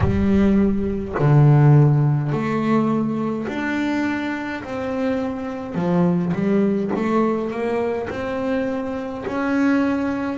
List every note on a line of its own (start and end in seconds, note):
0.00 1.14 G3
1.19 2.31 D3
2.31 3.47 A3
3.47 4.63 D4
4.63 5.74 C4
5.74 6.32 F3
6.33 6.91 G3
6.95 7.51 A3
7.51 8.08 A#3
8.10 9.25 C4
9.26 10.37 C#4